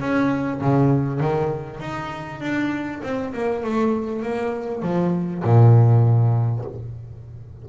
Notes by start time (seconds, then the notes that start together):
0.00 C#4
0.61 C#3
1.20 D#3
1.80 D#4
2.40 D4
3.03 C4
3.34 A#3
3.64 A3
4.23 A#3
4.82 F3
5.44 A#2